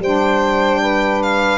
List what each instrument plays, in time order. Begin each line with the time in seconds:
0.00 tuba G3, saxophone D4 C5, violin G5
0.81 saxophone B4
1.23 violin F5